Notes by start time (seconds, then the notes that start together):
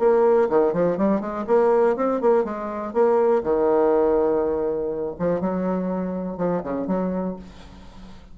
0.00 A#3
0.50 D#3
0.74 F3
0.98 G3
1.21 G#3
1.48 A#3
1.97 C4
2.21 A#3
2.45 G#3
2.94 A#3
3.44 D#3
5.20 F3
5.41 F#3
6.38 F3
6.64 C#3
6.87 F#3